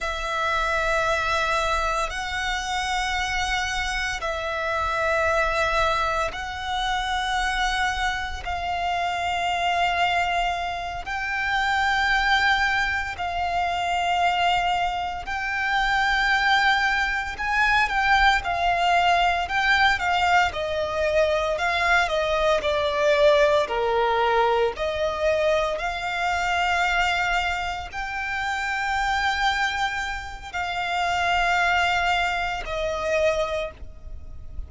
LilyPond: \new Staff \with { instrumentName = "violin" } { \time 4/4 \tempo 4 = 57 e''2 fis''2 | e''2 fis''2 | f''2~ f''8 g''4.~ | g''8 f''2 g''4.~ |
g''8 gis''8 g''8 f''4 g''8 f''8 dis''8~ | dis''8 f''8 dis''8 d''4 ais'4 dis''8~ | dis''8 f''2 g''4.~ | g''4 f''2 dis''4 | }